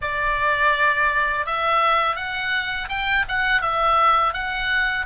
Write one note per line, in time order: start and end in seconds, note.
0.01 1.46 D5
1.46 2.16 E5
2.16 2.88 F#5
2.88 3.24 G5
3.28 3.61 F#5
3.61 4.33 E5
4.33 5.06 F#5